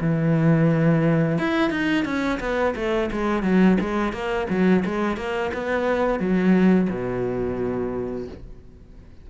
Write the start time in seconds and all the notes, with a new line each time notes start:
0.00 E3
1.38 E4
1.70 D#4
2.04 C#4
2.40 B3
2.75 A3
3.12 G#3
3.43 F#3
3.80 G#3
4.12 A#3
4.50 F#3
4.85 G#3
5.16 A#3
5.53 B3
6.19 F#3
6.90 B2